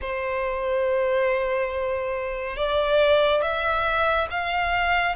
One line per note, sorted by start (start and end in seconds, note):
0.01 2.56 C5
2.56 3.42 D5
3.42 4.27 E5
4.30 5.15 F5